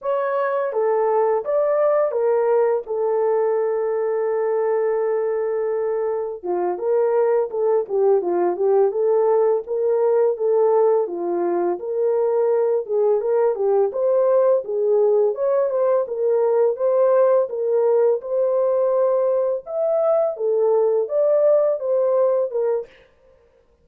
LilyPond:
\new Staff \with { instrumentName = "horn" } { \time 4/4 \tempo 4 = 84 cis''4 a'4 d''4 ais'4 | a'1~ | a'4 f'8 ais'4 a'8 g'8 f'8 | g'8 a'4 ais'4 a'4 f'8~ |
f'8 ais'4. gis'8 ais'8 g'8 c''8~ | c''8 gis'4 cis''8 c''8 ais'4 c''8~ | c''8 ais'4 c''2 e''8~ | e''8 a'4 d''4 c''4 ais'8 | }